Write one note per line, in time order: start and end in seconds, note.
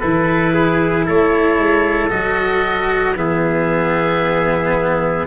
0.00 1.10 E3
0.00 2.10 E4
0.00 0.54 A4
0.00 1.05 B4
0.55 1.06 G#4
1.06 1.59 A3
1.06 3.17 A4
1.06 2.11 C#5
1.59 2.11 G#3
2.10 3.16 F#3
2.10 3.15 F#4
2.10 3.16 D#5
3.16 5.27 E3
3.16 5.27 B3
3.16 5.27 G#4
3.16 5.27 E5